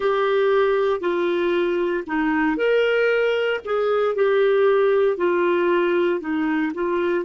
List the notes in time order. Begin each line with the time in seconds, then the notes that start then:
0.00 G4
1.00 F4
2.06 D#4
2.56 A#4
3.64 G#4
4.15 G4
5.17 F4
6.20 D#4
6.73 F4